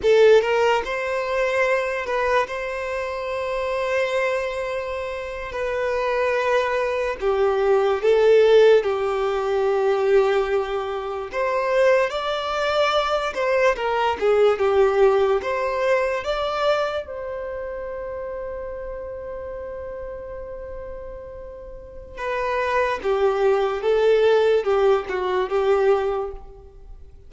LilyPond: \new Staff \with { instrumentName = "violin" } { \time 4/4 \tempo 4 = 73 a'8 ais'8 c''4. b'8 c''4~ | c''2~ c''8. b'4~ b'16~ | b'8. g'4 a'4 g'4~ g'16~ | g'4.~ g'16 c''4 d''4~ d''16~ |
d''16 c''8 ais'8 gis'8 g'4 c''4 d''16~ | d''8. c''2.~ c''16~ | c''2. b'4 | g'4 a'4 g'8 fis'8 g'4 | }